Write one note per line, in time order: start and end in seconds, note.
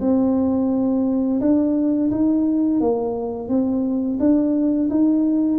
0.00 1.40 C4
1.40 2.10 D4
2.10 2.80 D#4
2.80 3.48 A#3
3.48 4.18 C4
4.19 4.89 D4
4.90 5.58 D#4